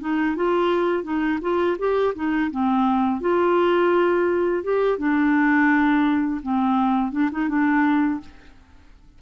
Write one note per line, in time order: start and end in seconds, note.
0.00 0.36 D#4
0.36 1.03 F4
1.03 1.39 D#4
1.41 1.77 F4
1.79 2.14 G4
2.15 2.51 D#4
2.51 3.21 C4
3.21 4.63 F4
4.63 4.98 G4
4.98 6.41 D4
6.42 7.12 C4
7.12 7.30 D4
7.31 7.49 D#4
7.49 8.20 D4